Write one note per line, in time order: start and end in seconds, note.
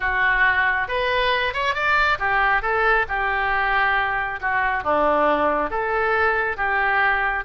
0.00 0.87 F#4
0.87 1.53 B4
1.53 1.74 C#5
1.74 2.18 D5
2.19 2.62 G4
2.62 3.06 A4
3.08 4.39 G4
4.40 4.83 F#4
4.83 5.70 D4
5.70 6.56 A4
6.56 7.44 G4